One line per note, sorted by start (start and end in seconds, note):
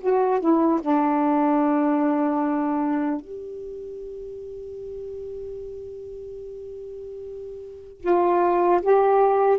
0.00 0.40 F#4
0.40 0.80 E4
0.81 3.20 D4
3.20 8.00 G4
8.00 8.80 F4
8.81 9.58 G4